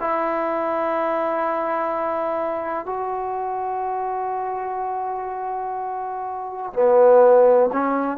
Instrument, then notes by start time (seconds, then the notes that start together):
trombone
0.00 E4
2.85 F#4
6.73 B3
7.72 C#4